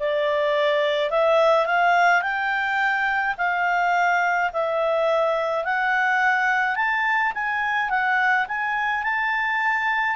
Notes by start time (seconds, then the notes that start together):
0.00 D5
1.11 E5
1.66 F5
2.22 G5
3.38 F5
4.53 E5
5.64 F#5
6.76 A5
7.34 G#5
7.90 F#5
8.48 G#5
9.03 A5